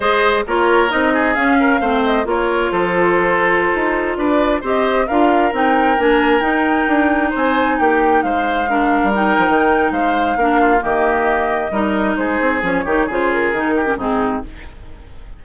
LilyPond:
<<
  \new Staff \with { instrumentName = "flute" } { \time 4/4 \tempo 4 = 133 dis''4 cis''4 dis''4 f''4~ | f''8 dis''8 cis''4 c''2~ | c''4~ c''16 d''4 dis''4 f''8.~ | f''16 g''4 gis''4 g''4.~ g''16~ |
g''16 gis''4 g''4 f''4.~ f''16~ | f''16 g''4.~ g''16 f''2 | dis''2. c''4 | cis''4 c''8 ais'4. gis'4 | }
  \new Staff \with { instrumentName = "oboe" } { \time 4/4 c''4 ais'4. gis'4 ais'8 | c''4 ais'4 a'2~ | a'4~ a'16 b'4 c''4 ais'8.~ | ais'1~ |
ais'16 c''4 g'4 c''4 ais'8.~ | ais'2 c''4 ais'8 f'8 | g'2 ais'4 gis'4~ | gis'8 g'8 gis'4. g'8 dis'4 | }
  \new Staff \with { instrumentName = "clarinet" } { \time 4/4 gis'4 f'4 dis'4 cis'4 | c'4 f'2.~ | f'2~ f'16 g'4 f'8.~ | f'16 dis'4 d'4 dis'4.~ dis'16~ |
dis'2.~ dis'16 d'8.~ | d'16 dis'2~ dis'8. d'4 | ais2 dis'2 | cis'8 dis'8 f'4 dis'8. cis'16 c'4 | }
  \new Staff \with { instrumentName = "bassoon" } { \time 4/4 gis4 ais4 c'4 cis'4 | a4 ais4 f2~ | f16 dis'4 d'4 c'4 d'8.~ | d'16 c'4 ais4 dis'4 d'8.~ |
d'16 c'4 ais4 gis4.~ gis16 | g8. f16 dis4 gis4 ais4 | dis2 g4 gis8 c'8 | f8 dis8 cis4 dis4 gis,4 | }
>>